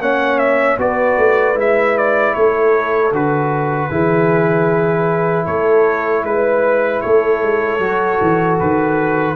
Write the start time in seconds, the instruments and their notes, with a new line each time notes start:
0.00 tuba A#3, trombone C#4, horn C#5, trumpet F#5
0.38 trumpet E5
0.78 tuba B3, trombone F#4, horn B4, trumpet D5
1.18 tuba A3
1.55 tuba G#3, trombone E4, trumpet E5
1.98 trumpet D5
2.34 tuba A3, horn A4, trumpet C#5
3.12 tuba D3, trombone F#4, trumpet B4
3.90 tuba E3, trombone E4, horn G#4
5.45 tuba A3, horn A4, trumpet C#5
6.24 tuba G#3, trumpet B4, horn B4
7.02 tuba A3, horn A4, trumpet C#5
7.43 tuba G#3
7.79 tuba F#3, trombone F#4
8.22 tuba E3
8.60 tuba D#3, trumpet B4